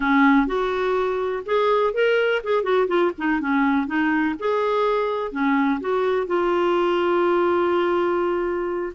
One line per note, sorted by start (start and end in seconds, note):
0.00 0.46 C#4
0.46 1.43 F#4
1.45 1.93 G#4
1.93 2.42 A#4
2.43 2.63 G#4
2.63 2.87 F#4
2.87 3.11 F4
3.18 3.40 D#4
3.40 3.86 C#4
3.86 4.35 D#4
4.39 5.31 G#4
5.31 5.80 C#4
5.80 6.27 F#4
6.27 8.93 F4